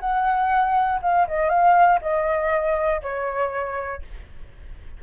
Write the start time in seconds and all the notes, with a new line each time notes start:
0.00 F#5
1.02 F5
1.27 D#5
1.49 F5
2.02 D#5
3.02 C#5